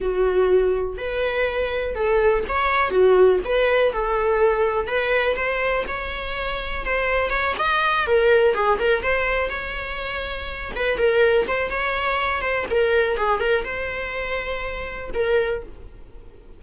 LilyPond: \new Staff \with { instrumentName = "viola" } { \time 4/4 \tempo 4 = 123 fis'2 b'2 | a'4 cis''4 fis'4 b'4 | a'2 b'4 c''4 | cis''2 c''4 cis''8 dis''8~ |
dis''8 ais'4 gis'8 ais'8 c''4 cis''8~ | cis''2 b'8 ais'4 c''8 | cis''4. c''8 ais'4 gis'8 ais'8 | c''2. ais'4 | }